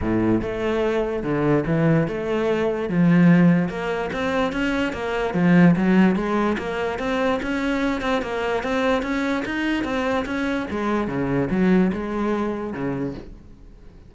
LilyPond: \new Staff \with { instrumentName = "cello" } { \time 4/4 \tempo 4 = 146 a,4 a2 d4 | e4 a2 f4~ | f4 ais4 c'4 cis'4 | ais4 f4 fis4 gis4 |
ais4 c'4 cis'4. c'8 | ais4 c'4 cis'4 dis'4 | c'4 cis'4 gis4 cis4 | fis4 gis2 cis4 | }